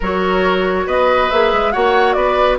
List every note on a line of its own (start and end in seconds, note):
0.00 0.87 F#3
0.00 1.32 F#4
0.00 0.86 A#4
0.00 0.88 C#5
0.86 1.30 B3
0.86 1.72 B4
0.86 1.30 D#5
1.30 1.53 A#3
1.30 1.72 G#4
1.30 1.71 E5
1.53 1.74 G#3
1.71 2.15 A#3
1.71 2.58 F#4
1.71 2.15 C#5
1.71 2.13 F#5
2.13 2.58 B3
2.13 2.58 B4
2.13 2.56 D5